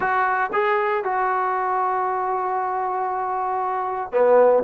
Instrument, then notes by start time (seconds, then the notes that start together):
trombone
0.00 F#4
0.52 G#4
1.04 F#4
4.12 B3